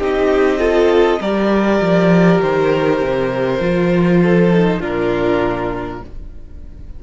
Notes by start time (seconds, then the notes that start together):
0.00 C4 D#4 G4 D#5
0.59 F4 A4
1.21 G3 G4 A#4 D5
1.81 F3
2.42 D#3 C5
3.01 C3
3.60 F3 F4
4.24 A4
4.53 D#4
4.80 A#2 D4 F4 A#4